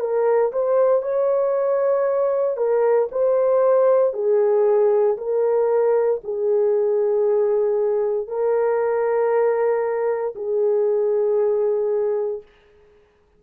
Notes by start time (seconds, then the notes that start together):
0.00 A#4
0.52 C5
1.02 C#5
2.57 A#4
3.12 C5
4.14 G#4
5.18 A#4
6.24 G#4
8.28 A#4
10.35 G#4